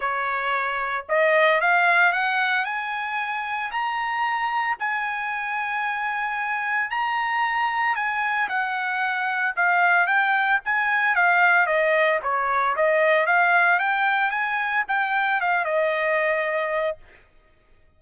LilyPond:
\new Staff \with { instrumentName = "trumpet" } { \time 4/4 \tempo 4 = 113 cis''2 dis''4 f''4 | fis''4 gis''2 ais''4~ | ais''4 gis''2.~ | gis''4 ais''2 gis''4 |
fis''2 f''4 g''4 | gis''4 f''4 dis''4 cis''4 | dis''4 f''4 g''4 gis''4 | g''4 f''8 dis''2~ dis''8 | }